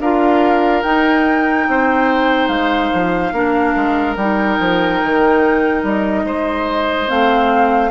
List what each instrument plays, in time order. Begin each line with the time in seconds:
0.00 bassoon D4, clarinet F4, oboe A#4, flute F5
0.83 clarinet D#4, bassoon D#4, flute G5
1.68 bassoon C4, oboe C5
2.48 bassoon G#3, flute F5
2.94 bassoon F3
3.33 bassoon A#3, clarinet D4, oboe A#4
3.76 bassoon G#3
4.16 bassoon G3, clarinet D#4, flute G5
4.60 bassoon F3
5.04 bassoon D#3
5.84 bassoon G3, flute D#5
6.25 bassoon G#3, oboe C5
7.08 bassoon A3, clarinet C4, flute F5